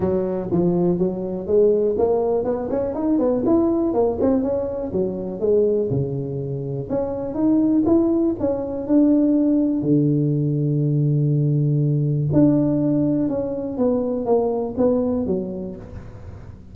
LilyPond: \new Staff \with { instrumentName = "tuba" } { \time 4/4 \tempo 4 = 122 fis4 f4 fis4 gis4 | ais4 b8 cis'8 dis'8 b8 e'4 | ais8 c'8 cis'4 fis4 gis4 | cis2 cis'4 dis'4 |
e'4 cis'4 d'2 | d1~ | d4 d'2 cis'4 | b4 ais4 b4 fis4 | }